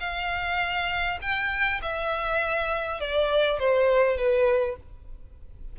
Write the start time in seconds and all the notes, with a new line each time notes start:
0.00 F5
1.22 G5
1.82 E5
3.01 D5
3.59 C5
4.17 B4